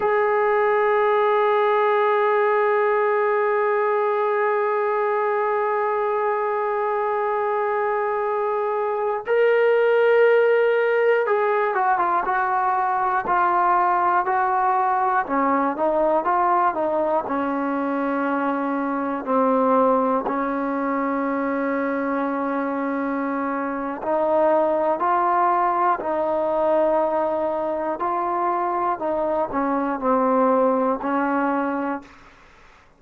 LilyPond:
\new Staff \with { instrumentName = "trombone" } { \time 4/4 \tempo 4 = 60 gis'1~ | gis'1~ | gis'4~ gis'16 ais'2 gis'8 fis'16 | f'16 fis'4 f'4 fis'4 cis'8 dis'16~ |
dis'16 f'8 dis'8 cis'2 c'8.~ | c'16 cis'2.~ cis'8. | dis'4 f'4 dis'2 | f'4 dis'8 cis'8 c'4 cis'4 | }